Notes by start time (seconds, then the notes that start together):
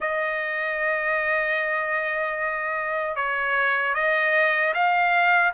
0.00 D#5
3.15 C#5
3.94 D#5
4.74 F5